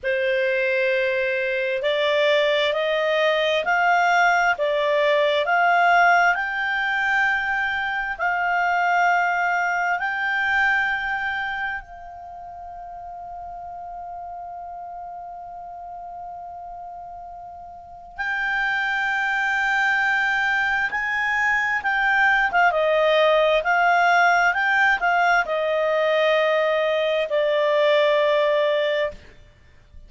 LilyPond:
\new Staff \with { instrumentName = "clarinet" } { \time 4/4 \tempo 4 = 66 c''2 d''4 dis''4 | f''4 d''4 f''4 g''4~ | g''4 f''2 g''4~ | g''4 f''2.~ |
f''1 | g''2. gis''4 | g''8. f''16 dis''4 f''4 g''8 f''8 | dis''2 d''2 | }